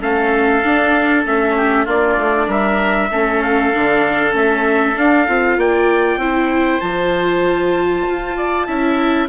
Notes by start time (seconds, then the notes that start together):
0.00 A3 C#4 A4 F5
0.64 D4
1.26 A3 C#4 E5
1.56 G4
1.85 A#3 D4 F4 D5
2.17 A3
2.47 G3 A#4 E5
3.11 A3 C#4 A4
3.42 F5
3.74 D3 D4
4.32 A3 C#4 E5
4.96 D4 F5
5.28 C4 F4
5.57 A#3 D5 G5
6.17 C4 E4 C5
6.81 F3 F4 A5
8.07 F4
8.37 D5
8.67 C#4 E4 E5